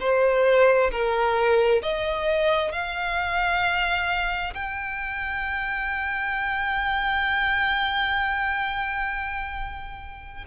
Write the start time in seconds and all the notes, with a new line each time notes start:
0.00 C5
0.91 A#4
1.83 D#5
2.72 F5
4.54 G5